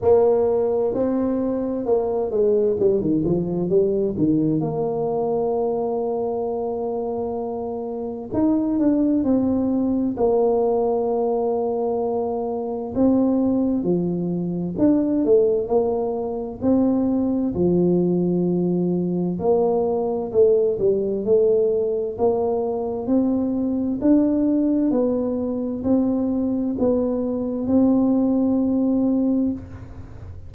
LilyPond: \new Staff \with { instrumentName = "tuba" } { \time 4/4 \tempo 4 = 65 ais4 c'4 ais8 gis8 g16 dis16 f8 | g8 dis8 ais2.~ | ais4 dis'8 d'8 c'4 ais4~ | ais2 c'4 f4 |
d'8 a8 ais4 c'4 f4~ | f4 ais4 a8 g8 a4 | ais4 c'4 d'4 b4 | c'4 b4 c'2 | }